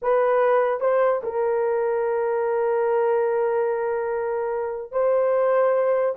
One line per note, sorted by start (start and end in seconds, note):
0.02 0.80 B4
0.80 1.21 C5
1.23 4.91 A#4
4.91 6.15 C5